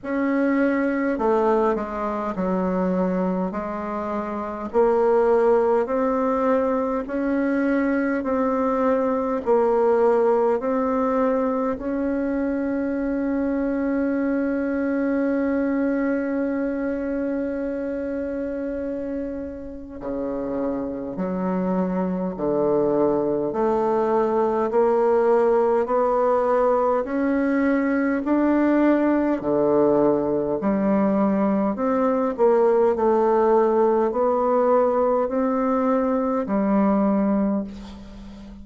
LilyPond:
\new Staff \with { instrumentName = "bassoon" } { \time 4/4 \tempo 4 = 51 cis'4 a8 gis8 fis4 gis4 | ais4 c'4 cis'4 c'4 | ais4 c'4 cis'2~ | cis'1~ |
cis'4 cis4 fis4 d4 | a4 ais4 b4 cis'4 | d'4 d4 g4 c'8 ais8 | a4 b4 c'4 g4 | }